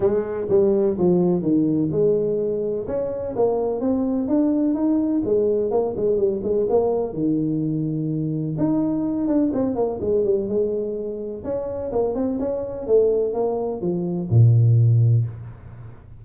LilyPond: \new Staff \with { instrumentName = "tuba" } { \time 4/4 \tempo 4 = 126 gis4 g4 f4 dis4 | gis2 cis'4 ais4 | c'4 d'4 dis'4 gis4 | ais8 gis8 g8 gis8 ais4 dis4~ |
dis2 dis'4. d'8 | c'8 ais8 gis8 g8 gis2 | cis'4 ais8 c'8 cis'4 a4 | ais4 f4 ais,2 | }